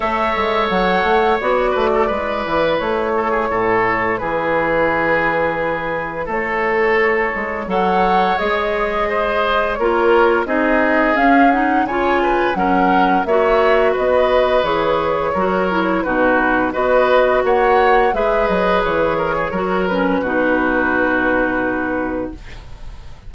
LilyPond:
<<
  \new Staff \with { instrumentName = "flute" } { \time 4/4 \tempo 4 = 86 e''4 fis''4 d''2 | cis''2 b'2~ | b'4 cis''2 fis''4 | dis''2 cis''4 dis''4 |
f''8 fis''8 gis''4 fis''4 e''4 | dis''4 cis''2 b'4 | dis''4 fis''4 e''8 dis''8 cis''4~ | cis''8 b'2.~ b'8 | }
  \new Staff \with { instrumentName = "oboe" } { \time 4/4 cis''2~ cis''8 b'16 a'16 b'4~ | b'8 a'16 gis'16 a'4 gis'2~ | gis'4 a'2 cis''4~ | cis''4 c''4 ais'4 gis'4~ |
gis'4 cis''8 b'8 ais'4 cis''4 | b'2 ais'4 fis'4 | b'4 cis''4 b'4. ais'16 gis'16 | ais'4 fis'2. | }
  \new Staff \with { instrumentName = "clarinet" } { \time 4/4 a'2 fis'4 e'4~ | e'1~ | e'2. a'4 | gis'2 f'4 dis'4 |
cis'8 dis'8 f'4 cis'4 fis'4~ | fis'4 gis'4 fis'8 e'8 dis'4 | fis'2 gis'2 | fis'8 cis'8 dis'2. | }
  \new Staff \with { instrumentName = "bassoon" } { \time 4/4 a8 gis8 fis8 a8 b8 a8 gis8 e8 | a4 a,4 e2~ | e4 a4. gis8 fis4 | gis2 ais4 c'4 |
cis'4 cis4 fis4 ais4 | b4 e4 fis4 b,4 | b4 ais4 gis8 fis8 e4 | fis4 b,2. | }
>>